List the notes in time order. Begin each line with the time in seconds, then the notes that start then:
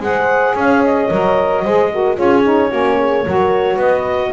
0.00 G#3 G#4 C5 F#5
0.55 C#4 C#5 F5
0.84 D#5
1.10 F#3 A#4
1.64 G#3 G#4 C5
1.92 F#4 A#4
2.16 C#4 F4 G#4 C#5
2.43 D#4
2.70 A#3 C#4 F#4
2.98 G#4
3.26 F#3 F#4 A#4
3.76 B3 B4 D#5